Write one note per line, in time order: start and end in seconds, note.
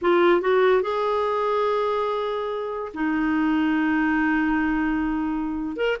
0.01 0.41 F4
0.41 0.82 F#4
0.82 2.92 G#4
2.94 5.76 D#4
5.76 5.97 A#4